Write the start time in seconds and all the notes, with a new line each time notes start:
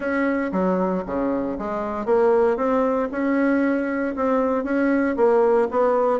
0.00 C#4
0.52 F#3
1.06 C#3
1.58 G#3
2.05 A#3
2.56 C4
3.11 C#4
4.15 C4
4.64 C#4
5.16 A#3
5.70 B3